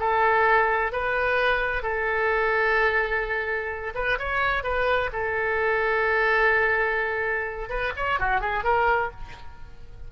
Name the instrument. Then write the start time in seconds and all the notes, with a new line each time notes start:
oboe
0.00 A4
0.93 B4
1.83 A4
3.95 B4
4.19 C#5
4.64 B4
5.13 A4
7.70 B4
7.97 C#5
8.20 F#4
8.41 G#4
8.64 A#4